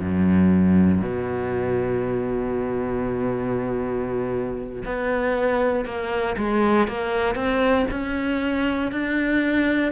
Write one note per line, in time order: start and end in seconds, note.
0.00 1.02 F#2
1.02 4.83 B2
4.85 5.85 B3
5.85 6.36 A#3
6.37 6.87 G#3
6.87 7.35 A#3
7.35 7.86 C4
7.90 8.91 C#4
8.91 9.92 D4